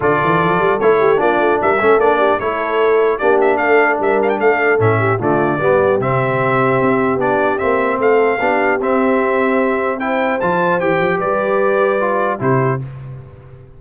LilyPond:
<<
  \new Staff \with { instrumentName = "trumpet" } { \time 4/4 \tempo 4 = 150 d''2 cis''4 d''4 | e''4 d''4 cis''2 | d''8 e''8 f''4 e''8 f''16 g''16 f''4 | e''4 d''2 e''4~ |
e''2 d''4 e''4 | f''2 e''2~ | e''4 g''4 a''4 g''4 | d''2. c''4 | }
  \new Staff \with { instrumentName = "horn" } { \time 4/4 a'2~ a'8 g'8 f'4 | ais'8 a'4 g'8 a'2 | g'4 a'4 ais'4 a'4~ | a'8 g'8 f'4 g'2~ |
g'1 | a'4 g'2.~ | g'4 c''2. | b'2. g'4 | }
  \new Staff \with { instrumentName = "trombone" } { \time 4/4 f'2 e'4 d'4~ | d'8 cis'8 d'4 e'2 | d'1 | cis'4 a4 b4 c'4~ |
c'2 d'4 c'4~ | c'4 d'4 c'2~ | c'4 e'4 f'4 g'4~ | g'2 f'4 e'4 | }
  \new Staff \with { instrumentName = "tuba" } { \time 4/4 d8 e8 f8 g8 a4 ais8 a8 | g8 a8 ais4 a2 | ais4 a4 g4 a4 | a,4 d4 g4 c4~ |
c4 c'4 b4 ais4 | a4 b4 c'2~ | c'2 f4 e8 f8 | g2. c4 | }
>>